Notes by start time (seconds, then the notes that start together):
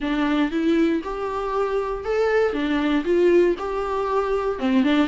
0.00 D4
0.51 E4
1.03 G4
2.04 A4
2.53 D4
3.04 F4
3.58 G4
4.59 C4
4.83 D4